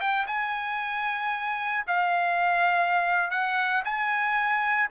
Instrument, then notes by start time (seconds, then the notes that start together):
trumpet
0.00 G5
0.27 G#5
1.87 F5
3.30 F#5
3.85 G#5